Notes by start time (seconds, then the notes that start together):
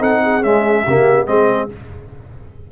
0.00 C4 D#4 A4 F#5
0.23 G#4
0.43 G#3 C#4 E5
0.86 C#3 A#3 G4
1.27 G#3 C4 G#4 D#5